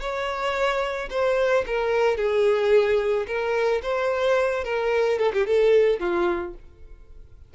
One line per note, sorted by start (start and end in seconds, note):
0.00 1.09 C#5
1.10 1.65 C5
1.66 2.17 A#4
2.17 3.26 G#4
3.27 3.82 A#4
3.83 4.64 C5
4.64 5.19 A#4
5.19 5.32 A4
5.33 5.46 G4
5.46 6.00 A4
6.00 6.54 F4